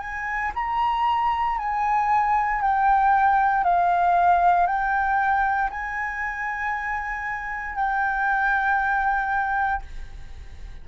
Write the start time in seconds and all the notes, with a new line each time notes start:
0.00 G#5
0.55 A#5
1.59 G#5
2.62 G5
3.64 F5
4.67 G5
5.70 G#5
7.76 G5